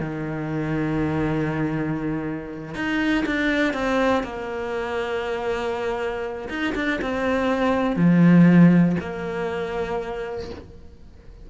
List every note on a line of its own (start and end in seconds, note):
0.00 2.75 D#3
2.75 3.25 D#4
3.26 3.73 D4
3.73 4.23 C4
4.24 6.49 A#3
6.49 6.74 D#4
6.75 7.00 D4
7.02 7.96 C4
7.96 8.96 F3
9.00 10.50 A#3